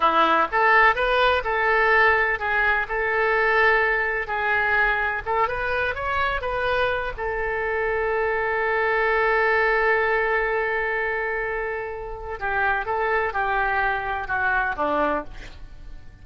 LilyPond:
\new Staff \with { instrumentName = "oboe" } { \time 4/4 \tempo 4 = 126 e'4 a'4 b'4 a'4~ | a'4 gis'4 a'2~ | a'4 gis'2 a'8 b'8~ | b'8 cis''4 b'4. a'4~ |
a'1~ | a'1~ | a'2 g'4 a'4 | g'2 fis'4 d'4 | }